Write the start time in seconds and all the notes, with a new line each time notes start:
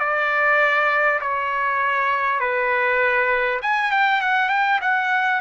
0.00 D5
1.21 C#5
2.40 B4
3.62 G#5
3.91 G5
4.21 F#5
4.49 G5
4.81 F#5